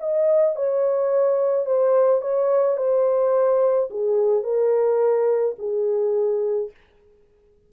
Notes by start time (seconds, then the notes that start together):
0.00 D#5
0.56 C#5
1.66 C5
2.22 C#5
2.78 C5
3.90 G#4
4.44 A#4
5.59 G#4